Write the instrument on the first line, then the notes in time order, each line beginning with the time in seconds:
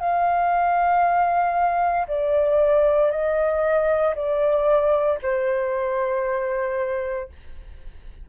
flute
0.00 F5
2.08 D5
3.11 D#5
4.16 D5
5.22 C5